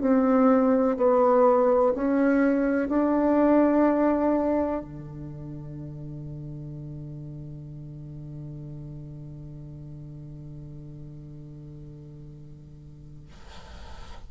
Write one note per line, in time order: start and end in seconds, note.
0.00 0.96 C4
0.96 1.93 B3
1.94 2.88 C#4
2.88 4.82 D4
4.82 13.28 D3